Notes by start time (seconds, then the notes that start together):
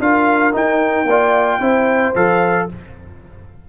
0.00 D4 F4 A#4 F5
0.53 D#4 G5
1.04 A#3 D5
1.11 F4
1.60 C4 E4 C5
2.15 F3 A4 F5